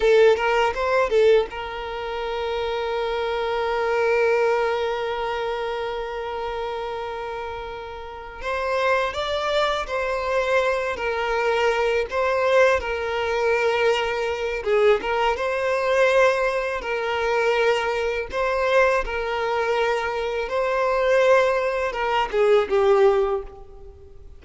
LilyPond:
\new Staff \with { instrumentName = "violin" } { \time 4/4 \tempo 4 = 82 a'8 ais'8 c''8 a'8 ais'2~ | ais'1~ | ais'2.~ ais'8 c''8~ | c''8 d''4 c''4. ais'4~ |
ais'8 c''4 ais'2~ ais'8 | gis'8 ais'8 c''2 ais'4~ | ais'4 c''4 ais'2 | c''2 ais'8 gis'8 g'4 | }